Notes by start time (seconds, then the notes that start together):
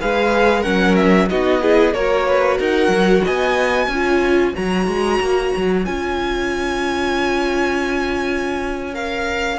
0.00 G#3 G#4 B4 F5
0.60 F#3 C#4 A#4 F#5
0.96 E5
1.29 B3 D#4 F#4 D#5
1.61 E4 G#4
1.93 A#3 F#4 A#4 C#5
2.27 B4
2.58 D#4 A#4 F#5
2.88 F#3
3.24 B3 D#5 G#5
3.87 C#4 F4 C#5
4.54 F#3 F#4 A#5
4.87 G#3
5.20 A#3
5.56 F#3
5.85 C#4 F4 G#5
8.93 A#4 F5